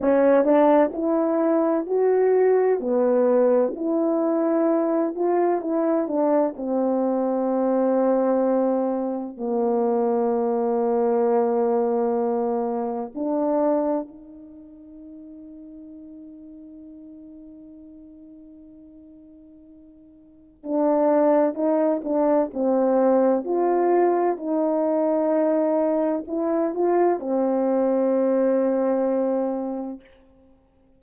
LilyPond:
\new Staff \with { instrumentName = "horn" } { \time 4/4 \tempo 4 = 64 cis'8 d'8 e'4 fis'4 b4 | e'4. f'8 e'8 d'8 c'4~ | c'2 ais2~ | ais2 d'4 dis'4~ |
dis'1~ | dis'2 d'4 dis'8 d'8 | c'4 f'4 dis'2 | e'8 f'8 c'2. | }